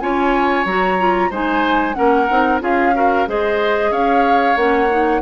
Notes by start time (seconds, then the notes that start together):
0.00 C#4 F4 C#5 G#5
0.65 F#3 F#4 A#5
0.99 F4
1.31 G#3 D#4 C5 G#5
1.94 A#3 C#4 A#4 F#5
2.30 C4 D#4
2.60 C#4 F4 G#4 F5
2.95 F#4 A#4
3.27 G#3 G#4 C5 D#5
3.91 C#4 C#5 F5
4.56 A#3 C#4 F#5
4.90 D#4